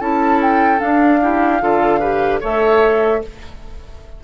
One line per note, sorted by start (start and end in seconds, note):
0.00 0.80 C#4
0.00 0.78 E4
0.00 1.20 A4
0.00 0.40 A5
0.42 0.80 G5
0.78 1.18 D4
0.78 1.62 D4
0.78 2.40 F5
1.21 1.60 E4
1.21 1.62 G4
1.60 2.42 D3
1.60 2.00 F4
1.60 2.00 A4
2.00 2.41 G4
2.00 2.40 B4
2.41 3.23 A3
2.41 3.21 A4
2.41 3.21 C#5
2.41 3.23 E5